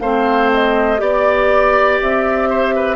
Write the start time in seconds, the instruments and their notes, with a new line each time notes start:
0.00 bassoon A3, clarinet C4, oboe C5, flute F5
0.53 flute D#5
0.97 bassoon B3, clarinet G4, flute D5, oboe D5
2.01 bassoon C4, flute E5
2.49 oboe C5
2.75 oboe B4